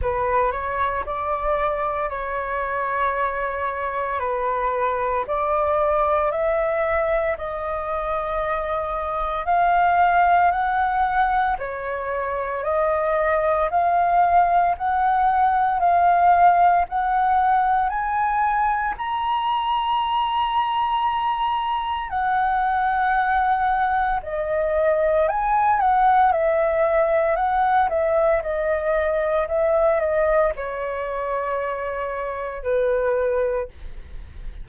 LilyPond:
\new Staff \with { instrumentName = "flute" } { \time 4/4 \tempo 4 = 57 b'8 cis''8 d''4 cis''2 | b'4 d''4 e''4 dis''4~ | dis''4 f''4 fis''4 cis''4 | dis''4 f''4 fis''4 f''4 |
fis''4 gis''4 ais''2~ | ais''4 fis''2 dis''4 | gis''8 fis''8 e''4 fis''8 e''8 dis''4 | e''8 dis''8 cis''2 b'4 | }